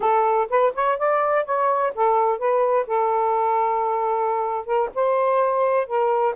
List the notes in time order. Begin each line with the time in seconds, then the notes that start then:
0.00 A4
0.49 B4
0.74 C#5
0.98 D5
1.45 C#5
1.94 A4
2.38 B4
2.86 A4
4.65 A#4
4.94 C5
5.86 A#4